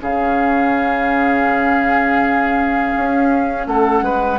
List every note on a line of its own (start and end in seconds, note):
0.00 2.94 C#3
0.00 4.39 C#4
0.00 3.68 G#4
0.00 3.67 F5
2.96 3.67 C#4
3.67 4.02 A3
3.67 4.04 A4
3.67 4.39 F#5
4.02 4.38 G#3
4.02 4.39 B4